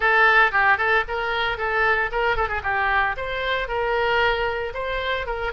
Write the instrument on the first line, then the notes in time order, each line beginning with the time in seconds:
oboe
0.00 A4
0.51 G4
0.77 A4
1.08 A#4
1.57 A4
2.11 A#4
2.36 A4
2.48 G#4
2.63 G4
3.17 C5
3.67 A#4
4.74 C5
5.26 A#4